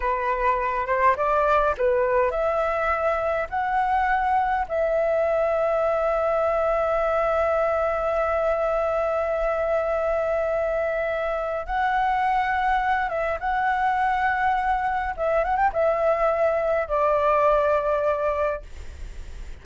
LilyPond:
\new Staff \with { instrumentName = "flute" } { \time 4/4 \tempo 4 = 103 b'4. c''8 d''4 b'4 | e''2 fis''2 | e''1~ | e''1~ |
e''1 | fis''2~ fis''8 e''8 fis''4~ | fis''2 e''8 fis''16 g''16 e''4~ | e''4 d''2. | }